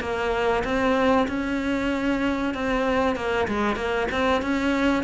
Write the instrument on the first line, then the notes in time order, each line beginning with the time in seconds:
cello
0.00 A#3
0.64 C4
1.28 C#4
2.54 C4
3.16 A#3
3.48 G#3
3.76 A#3
4.11 C4
4.42 C#4